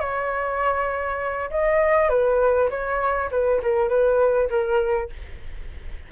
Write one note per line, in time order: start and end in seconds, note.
0.00 1.50 C#5
1.51 2.09 D#5
2.09 2.69 B4
2.70 3.30 C#5
3.31 3.61 B4
3.62 3.89 A#4
3.89 4.49 B4
4.50 5.10 A#4